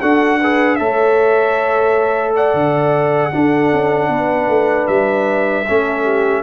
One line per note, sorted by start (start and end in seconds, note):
0.00 0.80 D4
0.00 0.41 F#4
0.00 0.39 A4
0.00 0.75 F#5
0.39 0.79 G#4
0.39 0.78 B4
0.75 2.54 A3
0.75 3.31 A4
0.75 2.34 C#5
0.75 2.31 E5
2.34 3.32 D5
2.34 4.87 F#5
2.54 3.31 D3
3.31 5.65 D4
3.31 3.72 D4
3.31 4.09 A4
3.72 4.09 C#4
4.09 4.48 B3
4.09 5.65 B4
4.48 4.87 A3
4.87 5.65 G3
4.87 6.43 E5
5.68 6.43 A3
5.68 6.43 C#4
5.68 6.03 A4
6.03 6.42 G4